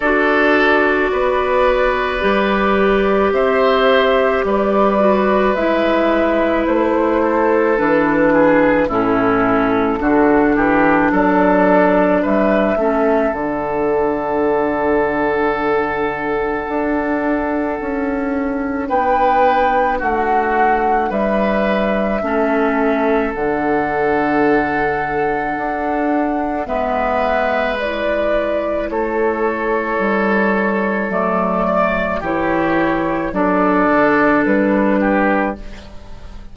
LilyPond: <<
  \new Staff \with { instrumentName = "flute" } { \time 4/4 \tempo 4 = 54 d''2. e''4 | d''4 e''4 c''4 b'4 | a'2 d''4 e''4 | fis''1~ |
fis''4 g''4 fis''4 e''4~ | e''4 fis''2. | e''4 d''4 cis''2 | d''4 cis''4 d''4 b'4 | }
  \new Staff \with { instrumentName = "oboe" } { \time 4/4 a'4 b'2 c''4 | b'2~ b'8 a'4 gis'8 | e'4 fis'8 g'8 a'4 b'8 a'8~ | a'1~ |
a'4 b'4 fis'4 b'4 | a'1 | b'2 a'2~ | a'8 d''8 g'4 a'4. g'8 | }
  \new Staff \with { instrumentName = "clarinet" } { \time 4/4 fis'2 g'2~ | g'8 fis'8 e'2 d'4 | cis'4 d'2~ d'8 cis'8 | d'1~ |
d'1 | cis'4 d'2. | b4 e'2. | a4 e'4 d'2 | }
  \new Staff \with { instrumentName = "bassoon" } { \time 4/4 d'4 b4 g4 c'4 | g4 gis4 a4 e4 | a,4 d8 e8 fis4 g8 a8 | d2. d'4 |
cis'4 b4 a4 g4 | a4 d2 d'4 | gis2 a4 g4 | fis4 e4 fis8 d8 g4 | }
>>